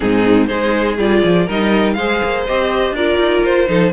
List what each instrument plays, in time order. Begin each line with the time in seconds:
0.00 cello G#2, viola C4, violin D#4 G#4
0.46 cello G#3, viola D#4, violin G#4 C5
0.98 cello G3, viola F4, violin D5
1.23 cello F3
1.45 cello G3, viola D#4, violin A#4 D#5
1.93 cello G#3, viola G#4, violin C5 F5
2.23 cello A#3
2.46 cello C4, viola G4, violin D#5
2.91 cello D4, viola F4, violin A#4 D5
3.18 cello D#4
3.43 cello F4, violin C5
3.66 cello F3, viola D#4, violin A4